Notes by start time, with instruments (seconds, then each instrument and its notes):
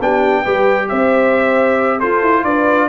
0.00 tuba B3, trombone D4, horn G4, trumpet G5
0.43 tuba G3, trombone G4, horn B4
0.88 tuba C4, horn C5, trumpet E5
1.99 trombone F4, tuba F4, horn A4, trumpet C5
2.21 tuba E4
2.43 tuba D4, horn B4, trumpet D5